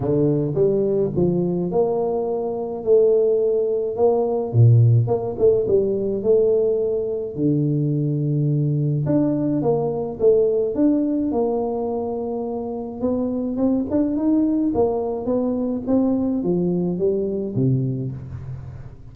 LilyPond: \new Staff \with { instrumentName = "tuba" } { \time 4/4 \tempo 4 = 106 d4 g4 f4 ais4~ | ais4 a2 ais4 | ais,4 ais8 a8 g4 a4~ | a4 d2. |
d'4 ais4 a4 d'4 | ais2. b4 | c'8 d'8 dis'4 ais4 b4 | c'4 f4 g4 c4 | }